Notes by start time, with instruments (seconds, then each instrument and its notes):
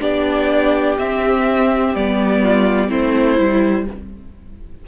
0.00 cello B3, viola D4, violin G4 D5
0.99 cello C4, viola C4, violin E5
1.95 cello G3, viola B3, violin D5
2.42 violin F4
2.88 cello A3, viola C4, violin E4 C5
3.38 cello G3, viola E4